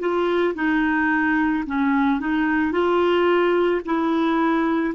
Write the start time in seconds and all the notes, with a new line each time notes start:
0.00 F4
0.55 D#4
1.67 C#4
2.20 D#4
2.72 F4
3.85 E4